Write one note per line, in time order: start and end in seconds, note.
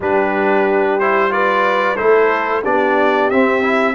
0.00 1.97 G3
0.00 1.00 D4
0.00 1.32 G4
0.00 0.99 B4
0.99 1.30 E4
0.99 1.32 C5
1.30 1.96 F4
1.30 1.96 B4
1.30 1.96 D5
1.96 2.65 A3
1.96 2.63 E4
1.96 2.62 A4
1.96 2.62 C5
2.63 3.30 B3
2.63 3.31 D4
2.63 3.95 G4
2.63 3.30 D5
3.30 3.95 C4
3.30 3.62 C4
3.30 3.95 E5
3.62 3.95 E4